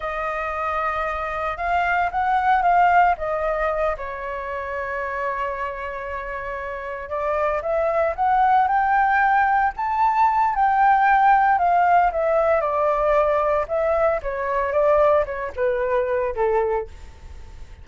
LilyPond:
\new Staff \with { instrumentName = "flute" } { \time 4/4 \tempo 4 = 114 dis''2. f''4 | fis''4 f''4 dis''4. cis''8~ | cis''1~ | cis''4. d''4 e''4 fis''8~ |
fis''8 g''2 a''4. | g''2 f''4 e''4 | d''2 e''4 cis''4 | d''4 cis''8 b'4. a'4 | }